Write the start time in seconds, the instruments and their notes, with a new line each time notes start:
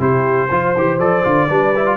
0.00 tuba C3, trombone E4, horn G4, trumpet C5
0.50 tuba F3, trombone F4, horn C5
0.76 tuba E3, trombone G4
0.99 tuba F3, trombone A4, trumpet D5
1.24 tuba D3, trombone F4
1.49 tuba G3, trombone D4, horn B4
1.76 trombone E4
1.86 trombone F4